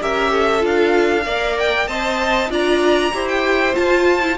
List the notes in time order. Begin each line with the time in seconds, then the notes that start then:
0.00 C#4 G4 A#4 E5
0.31 A4
0.59 D4 F4
0.65 F5
1.25 A#3 A#4 D5
1.59 G5
1.88 C4 C5 D#5 A5
2.49 D4 F4 D5 A#5
3.13 E4 G4 C5
3.28 G5
3.73 F4 A5
4.21 E4